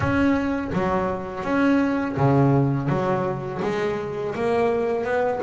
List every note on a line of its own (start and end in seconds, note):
0.00 0.71 C#4
0.72 1.43 F#3
1.43 2.15 C#4
2.17 2.88 C#3
2.88 3.60 F#3
3.62 4.34 G#3
4.35 5.03 A#3
5.03 5.40 B3